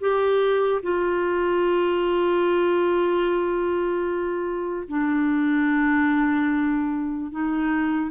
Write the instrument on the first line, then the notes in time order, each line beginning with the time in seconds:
clarinet
0.00 G4
0.82 F4
4.88 D4
7.31 D#4